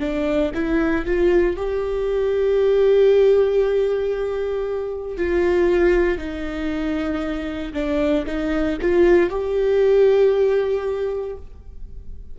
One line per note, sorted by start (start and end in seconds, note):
0.00 0.52 D4
0.55 1.05 E4
1.05 1.57 F4
1.57 5.18 G4
5.18 6.18 F4
6.18 7.73 D#4
7.74 8.25 D4
8.26 8.78 D#4
8.82 9.30 F4
9.30 11.37 G4